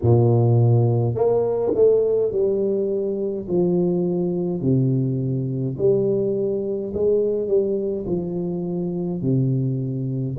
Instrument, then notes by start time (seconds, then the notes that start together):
tuba
0.02 A#2
1.14 A#3
1.74 A3
2.31 G3
3.48 F3
4.60 C3
5.77 G3
6.93 G#3
7.47 G3
8.06 F3
9.21 C3